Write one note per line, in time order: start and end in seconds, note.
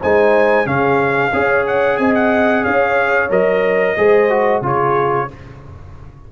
0.00 0.66 G#3
0.00 0.65 D#4
0.00 0.65 C5
0.00 0.67 G#5
0.65 1.32 C#3
0.65 1.31 C#4
0.65 1.31 G#4
0.65 1.66 F5
1.32 1.98 C#4
1.32 3.29 G#4
1.32 1.98 C#5
1.66 1.97 F#5
1.97 2.64 C4
1.97 2.63 D#5
1.97 2.13 G#5
2.14 2.64 F#5
2.63 3.30 C#4
2.63 3.95 C#5
2.63 3.30 F5
3.29 3.96 F#3
3.29 3.95 A#4
3.29 4.63 D#5
3.97 4.61 G#3
3.97 4.30 G#4
3.97 4.62 C5
4.30 4.62 F#4
4.61 5.27 C#3
4.61 5.28 F4
4.61 5.28 G#4
4.61 5.32 C#5